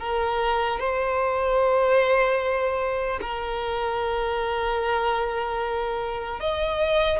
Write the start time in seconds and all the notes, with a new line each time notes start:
0.00 A#4
0.80 C5
3.21 A#4
6.40 D#5